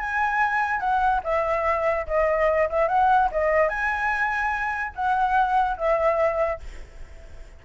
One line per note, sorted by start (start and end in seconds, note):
0.00 0.81 G#5
0.81 1.22 F#5
1.24 2.07 E5
2.07 2.69 D#5
2.70 2.89 E5
2.89 3.30 F#5
3.32 3.69 D#5
3.69 4.93 G#5
4.96 5.78 F#5
5.78 6.60 E5